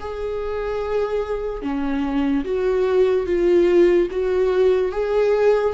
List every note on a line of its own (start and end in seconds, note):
0.00 1.62 G#4
1.62 2.44 C#4
2.45 3.26 F#4
3.26 4.08 F4
4.11 4.92 F#4
4.92 5.74 G#4